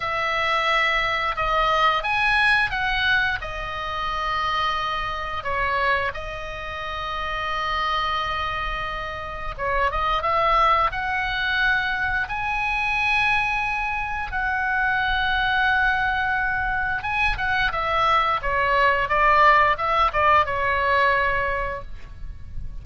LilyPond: \new Staff \with { instrumentName = "oboe" } { \time 4/4 \tempo 4 = 88 e''2 dis''4 gis''4 | fis''4 dis''2. | cis''4 dis''2.~ | dis''2 cis''8 dis''8 e''4 |
fis''2 gis''2~ | gis''4 fis''2.~ | fis''4 gis''8 fis''8 e''4 cis''4 | d''4 e''8 d''8 cis''2 | }